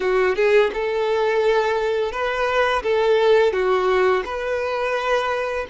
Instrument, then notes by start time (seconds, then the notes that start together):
violin
0.00 F#4
0.35 G#4
0.73 A4
2.11 B4
2.82 A4
3.52 F#4
4.25 B4